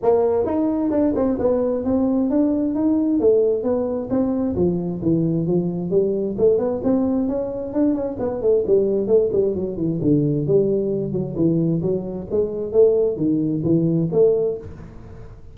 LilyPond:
\new Staff \with { instrumentName = "tuba" } { \time 4/4 \tempo 4 = 132 ais4 dis'4 d'8 c'8 b4 | c'4 d'4 dis'4 a4 | b4 c'4 f4 e4 | f4 g4 a8 b8 c'4 |
cis'4 d'8 cis'8 b8 a8 g4 | a8 g8 fis8 e8 d4 g4~ | g8 fis8 e4 fis4 gis4 | a4 dis4 e4 a4 | }